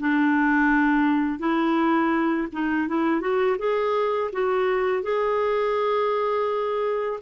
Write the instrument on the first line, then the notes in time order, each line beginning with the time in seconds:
clarinet
0.00 D4
1.40 E4
2.53 D#4
2.88 E4
3.21 F#4
3.59 G#4
4.33 F#4
5.03 G#4